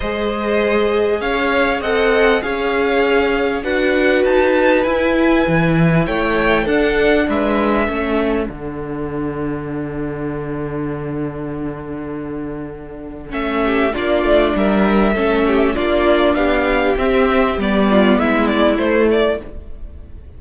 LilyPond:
<<
  \new Staff \with { instrumentName = "violin" } { \time 4/4 \tempo 4 = 99 dis''2 f''4 fis''4 | f''2 fis''4 a''4 | gis''2 g''4 fis''4 | e''2 fis''2~ |
fis''1~ | fis''2 e''4 d''4 | e''2 d''4 f''4 | e''4 d''4 e''8 d''8 c''8 d''8 | }
  \new Staff \with { instrumentName = "violin" } { \time 4/4 c''2 cis''4 dis''4 | cis''2 b'2~ | b'2 cis''4 a'4 | b'4 a'2.~ |
a'1~ | a'2~ a'8 g'8 f'4 | ais'4 a'8 g'8 f'4 g'4~ | g'4. f'8 e'2 | }
  \new Staff \with { instrumentName = "viola" } { \time 4/4 gis'2. a'4 | gis'2 fis'2 | e'2. d'4~ | d'4 cis'4 d'2~ |
d'1~ | d'2 cis'4 d'4~ | d'4 cis'4 d'2 | c'4 b2 a4 | }
  \new Staff \with { instrumentName = "cello" } { \time 4/4 gis2 cis'4 c'4 | cis'2 d'4 dis'4 | e'4 e4 a4 d'4 | gis4 a4 d2~ |
d1~ | d2 a4 ais8 a8 | g4 a4 ais4 b4 | c'4 g4 gis4 a4 | }
>>